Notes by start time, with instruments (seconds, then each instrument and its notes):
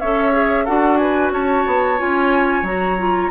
0.00 bassoon C#4, clarinet A4, oboe C#5, flute E5
0.33 clarinet G#4
0.65 bassoon D4, clarinet F#4, oboe A4, flute F#5
0.98 oboe B4, flute G#5
1.31 bassoon C#4, oboe C#5, flute A5
1.67 bassoon B3
1.98 bassoon C#4, clarinet F4, flute G#5
2.63 bassoon F#3, clarinet F#4, flute A#5
2.98 clarinet F4